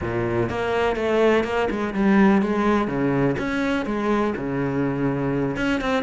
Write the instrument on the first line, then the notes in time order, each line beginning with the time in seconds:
cello
0.01 A#2
0.49 A#3
0.96 A3
1.44 A#3
1.70 G#3
1.94 G3
2.41 G#3
2.87 C#3
3.38 C#4
3.85 G#3
4.36 C#3
5.56 C#4
5.81 C4